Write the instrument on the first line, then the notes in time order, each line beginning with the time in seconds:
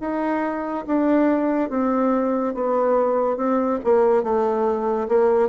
bassoon
0.00 D#4
0.87 D4
1.70 C4
2.54 B3
3.37 C4
3.84 A#3
4.23 A3
5.09 A#3